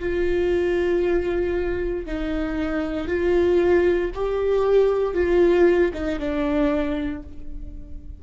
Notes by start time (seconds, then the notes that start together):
0.00 F4
2.06 D#4
3.08 F4
4.15 G4
5.14 F4
5.94 D#4
6.20 D4